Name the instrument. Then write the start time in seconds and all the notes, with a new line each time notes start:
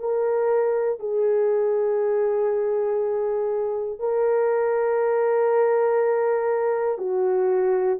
horn
0.00 A#4
1.00 G#4
4.00 A#4
6.98 F#4